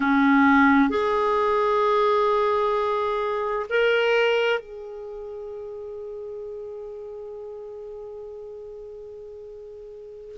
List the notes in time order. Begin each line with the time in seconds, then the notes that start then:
0.00 C#4
0.89 G#4
3.69 A#4
4.59 G#4